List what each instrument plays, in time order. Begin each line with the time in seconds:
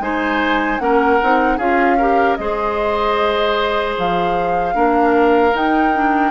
0.00 bassoon G#3, clarinet D#4, oboe C5, flute G#5
0.79 bassoon A#3, clarinet C#4, oboe A#4, flute F#5
1.23 bassoon C4, clarinet D#4
1.57 bassoon C#4, clarinet F4, oboe G#4, flute F5
1.98 clarinet G4, oboe A#4
2.36 bassoon G#3, clarinet G#4, oboe C5, flute D#5
3.98 bassoon F3, flute F5
4.74 bassoon A#3, clarinet D4, oboe A#4
5.51 clarinet D#4, bassoon D#4, flute G5
5.94 clarinet D4